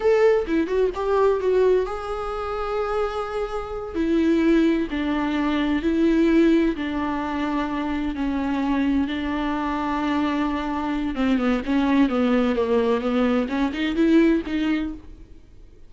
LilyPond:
\new Staff \with { instrumentName = "viola" } { \time 4/4 \tempo 4 = 129 a'4 e'8 fis'8 g'4 fis'4 | gis'1~ | gis'8 e'2 d'4.~ | d'8 e'2 d'4.~ |
d'4. cis'2 d'8~ | d'1 | c'8 b8 cis'4 b4 ais4 | b4 cis'8 dis'8 e'4 dis'4 | }